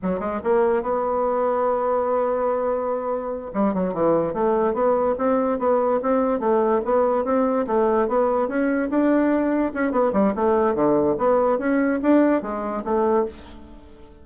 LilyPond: \new Staff \with { instrumentName = "bassoon" } { \time 4/4 \tempo 4 = 145 fis8 gis8 ais4 b2~ | b1~ | b8 g8 fis8 e4 a4 b8~ | b8 c'4 b4 c'4 a8~ |
a8 b4 c'4 a4 b8~ | b8 cis'4 d'2 cis'8 | b8 g8 a4 d4 b4 | cis'4 d'4 gis4 a4 | }